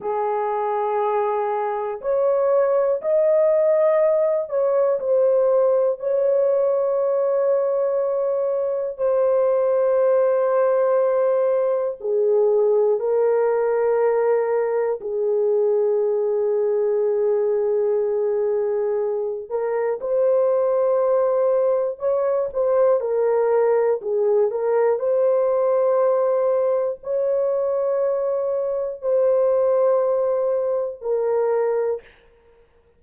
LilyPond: \new Staff \with { instrumentName = "horn" } { \time 4/4 \tempo 4 = 60 gis'2 cis''4 dis''4~ | dis''8 cis''8 c''4 cis''2~ | cis''4 c''2. | gis'4 ais'2 gis'4~ |
gis'2.~ gis'8 ais'8 | c''2 cis''8 c''8 ais'4 | gis'8 ais'8 c''2 cis''4~ | cis''4 c''2 ais'4 | }